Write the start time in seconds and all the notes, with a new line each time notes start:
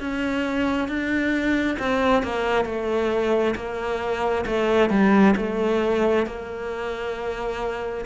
0.00 C#4
0.88 D4
1.79 C4
2.23 A#3
2.65 A3
3.56 A#3
4.46 A3
4.90 G3
5.37 A3
6.26 A#3